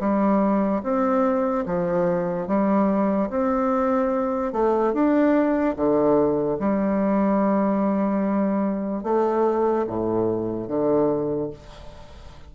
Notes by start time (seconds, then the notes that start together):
0.00 G3
0.83 C4
1.66 F3
2.48 G3
3.30 C4
4.53 A3
4.94 D4
5.76 D3
6.60 G3
9.04 A3
9.87 A2
10.68 D3